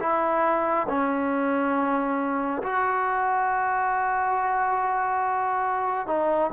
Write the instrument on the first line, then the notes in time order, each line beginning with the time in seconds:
trombone
0.00 E4
0.89 C#4
2.63 F#4
6.08 D#4